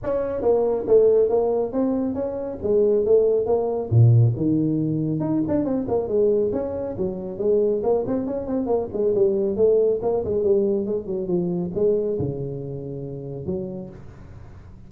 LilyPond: \new Staff \with { instrumentName = "tuba" } { \time 4/4 \tempo 4 = 138 cis'4 ais4 a4 ais4 | c'4 cis'4 gis4 a4 | ais4 ais,4 dis2 | dis'8 d'8 c'8 ais8 gis4 cis'4 |
fis4 gis4 ais8 c'8 cis'8 c'8 | ais8 gis8 g4 a4 ais8 gis8 | g4 gis8 fis8 f4 gis4 | cis2. fis4 | }